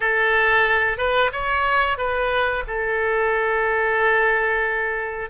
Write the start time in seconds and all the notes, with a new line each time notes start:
0.00 A4
0.97 B4
1.32 C#5
1.97 B4
2.67 A4